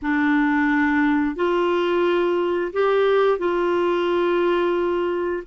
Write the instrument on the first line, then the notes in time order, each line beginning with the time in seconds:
clarinet
0.02 D4
1.35 F4
2.73 G4
3.38 F4